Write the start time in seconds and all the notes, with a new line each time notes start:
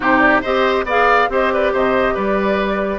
0.00 C3 D#4 G4 C5
0.19 D5
0.41 C4 G4 C5 D#5
0.84 B3 G#4 D5 F5
1.29 C4 G4 C5 D#5
1.52 B4 D5
1.72 C3 C5 D#5
2.13 G3 B4 D5